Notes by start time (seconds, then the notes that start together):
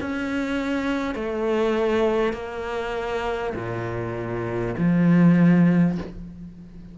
0.00 C#4
1.15 A3
2.33 A#3
3.55 A#2
4.78 F3